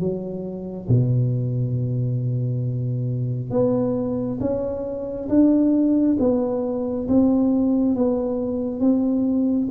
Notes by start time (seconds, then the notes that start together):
0.00 F#3
0.89 B2
3.51 B3
4.41 C#4
5.29 D4
6.20 B3
7.09 C4
7.95 B3
8.80 C4